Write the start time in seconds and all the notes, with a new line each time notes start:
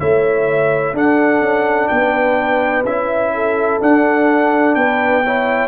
0.00 A3 E4 C#5 E5
0.94 D4 A4 F#5
1.41 C#4
1.88 B3 B4 G5
2.85 C#4 E4 E5
3.34 A4
3.81 D4 F#5
4.75 B3 B4 G5
5.25 E4 C#5